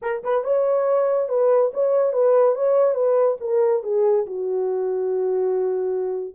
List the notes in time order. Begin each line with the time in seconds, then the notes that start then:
0.01 A#4
0.23 B4
0.44 C#5
1.29 B4
1.73 C#5
2.13 B4
2.55 C#5
2.94 B4
3.40 A#4
3.83 G#4
4.26 F#4